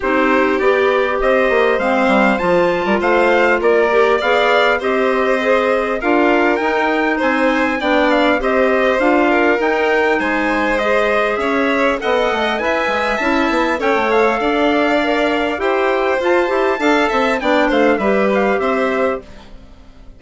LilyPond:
<<
  \new Staff \with { instrumentName = "trumpet" } { \time 4/4 \tempo 4 = 100 c''4 d''4 dis''4 f''4 | a''4 f''4 d''4 f''4 | dis''2 f''4 g''4 | gis''4 g''8 f''8 dis''4 f''4 |
g''4 gis''4 dis''4 e''4 | fis''4 gis''4 a''4 g''8 f''8~ | f''2 g''4 a''4~ | a''4 g''8 f''8 e''8 f''8 e''4 | }
  \new Staff \with { instrumentName = "violin" } { \time 4/4 g'2 c''2~ | c''8. ais'16 c''4 ais'4 d''4 | c''2 ais'2 | c''4 d''4 c''4. ais'8~ |
ais'4 c''2 cis''4 | dis''4 e''2 cis''4 | d''2 c''2 | f''8 e''8 d''8 c''8 b'4 c''4 | }
  \new Staff \with { instrumentName = "clarinet" } { \time 4/4 dis'4 g'2 c'4 | f'2~ f'8 g'8 gis'4 | g'4 gis'4 f'4 dis'4~ | dis'4 d'4 g'4 f'4 |
dis'2 gis'2 | a'4 b'4 e'4 a'4~ | a'4 ais'4 g'4 f'8 g'8 | a'4 d'4 g'2 | }
  \new Staff \with { instrumentName = "bassoon" } { \time 4/4 c'4 b4 c'8 ais8 gis8 g8 | f8. g16 a4 ais4 b4 | c'2 d'4 dis'4 | c'4 b4 c'4 d'4 |
dis'4 gis2 cis'4 | b8 a8 e'8 gis8 cis'8 b8 cis'16 a8. | d'2 e'4 f'8 e'8 | d'8 c'8 b8 a8 g4 c'4 | }
>>